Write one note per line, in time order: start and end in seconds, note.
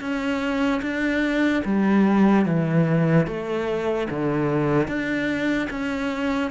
0.00 0.81 C#4
0.81 1.63 D4
1.64 2.45 G3
2.45 3.26 E3
3.26 4.07 A3
4.09 4.87 D3
4.87 5.68 D4
5.70 6.50 C#4